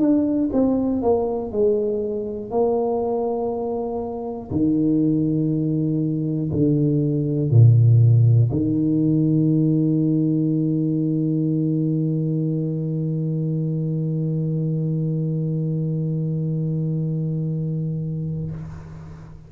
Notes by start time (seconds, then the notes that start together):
0.00 D4
0.53 C4
1.02 A#3
1.52 G#3
2.51 A#3
4.51 D#3
6.52 D3
7.51 A#2
8.52 D#3